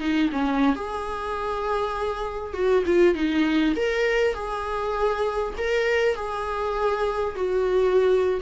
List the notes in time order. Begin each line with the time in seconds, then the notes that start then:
0.00 D#4
0.32 C#4
0.76 G#4
2.54 F#4
2.86 F4
3.15 D#4
3.76 A#4
4.34 G#4
5.58 A#4
6.15 G#4
7.36 F#4